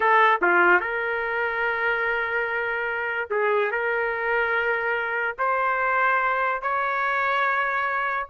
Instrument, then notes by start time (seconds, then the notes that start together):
trumpet
0.00 A4
0.41 F4
0.80 A#4
3.30 G#4
3.71 A#4
5.38 C5
6.62 C#5